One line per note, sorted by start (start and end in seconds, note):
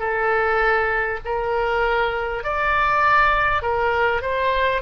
0.00 1.20 A4
1.25 2.44 A#4
2.44 3.63 D5
3.63 4.22 A#4
4.22 4.82 C5